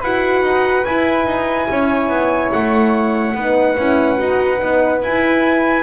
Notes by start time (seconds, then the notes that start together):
0.00 E4 F#4 B4 F#5
0.43 D#4
0.85 E4 G#5
1.26 D#4
1.70 C#4 C#5
2.09 B3
2.52 A3 F#5
3.34 B3 D#4 B4
3.77 C#4 E4
4.16 D#4 F#4
4.59 B3 D#4
5.02 E4 G#5